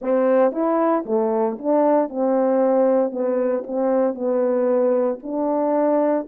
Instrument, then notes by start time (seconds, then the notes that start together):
horn
0.01 C4
0.51 E4
1.05 A3
1.58 D4
2.09 C4
3.11 B3
3.66 C4
4.14 B3
5.22 D4